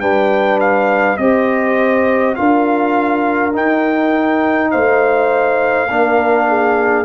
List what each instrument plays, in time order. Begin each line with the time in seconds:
0.00 tuba G3, trombone D4, horn B4, trumpet G5
0.60 trumpet F5
1.17 tuba C4, trombone G4, horn C5, trumpet D#5
2.35 tuba D4, trombone F4, horn A#4, trumpet F5
3.53 trombone D#4, tuba D#4, trumpet G5
4.71 tuba A3, horn C5, trumpet F5
5.90 tuba A#3, trombone D4, horn A#4
6.49 horn G#4